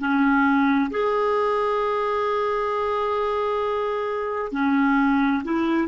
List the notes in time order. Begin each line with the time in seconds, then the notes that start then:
0.00 C#4
0.91 G#4
4.52 C#4
5.44 E4